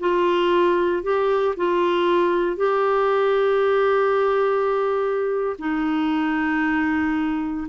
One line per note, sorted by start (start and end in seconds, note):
0.00 1.03 F4
1.03 1.55 G4
1.57 2.57 F4
2.57 5.57 G4
5.59 7.68 D#4